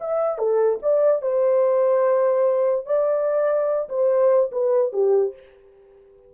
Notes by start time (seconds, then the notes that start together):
0.00 E5
0.38 A4
0.82 D5
1.21 C5
2.86 D5
3.89 C5
4.51 B4
4.92 G4